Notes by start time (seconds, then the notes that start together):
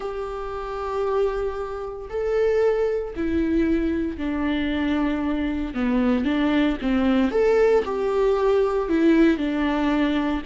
0.00 G4
2.09 A4
3.16 E4
4.17 D4
5.74 B3
6.25 D4
6.81 C4
7.31 A4
7.85 G4
8.88 E4
9.37 D4